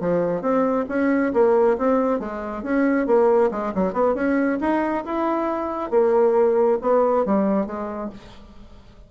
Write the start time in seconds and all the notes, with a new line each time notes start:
0.00 F3
0.41 C4
0.89 C#4
1.33 A#3
1.78 C4
2.20 G#3
2.63 C#4
3.07 A#3
3.51 G#3
3.75 F#3
3.93 B3
4.15 C#4
4.60 D#4
5.05 E4
5.90 A#3
6.82 B3
7.25 G3
7.66 G#3